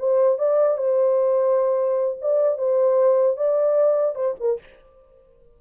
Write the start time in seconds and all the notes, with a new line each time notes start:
0.00 C5
0.39 D5
0.78 C5
2.22 D5
2.59 C5
3.37 D5
4.16 C5
4.41 A#4